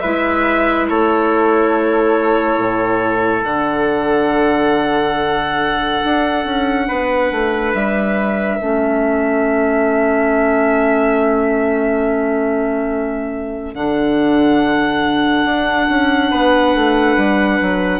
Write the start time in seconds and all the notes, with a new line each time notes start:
0.00 G#3 E4 B4 E5
0.89 A3 A4 C#5
2.57 A2
3.44 D3 D4 F#5
6.04 D4
6.45 C#4
6.87 B3 B4
7.31 A3
7.74 G3 E5
8.58 A3 C#4 A4
13.74 D3 D4 F#5
15.45 D4
15.89 C#4
16.30 B3 B4
16.74 A3
17.17 G3
17.61 F#3